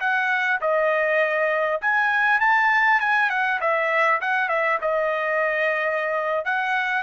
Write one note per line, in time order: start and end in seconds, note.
0.00 0.60 F#5
0.61 1.81 D#5
1.81 2.40 G#5
2.40 3.00 A5
3.00 3.29 G#5
3.29 3.59 F#5
3.60 4.20 E5
4.21 4.48 F#5
4.48 4.78 E5
4.81 6.45 D#5
6.45 7.02 F#5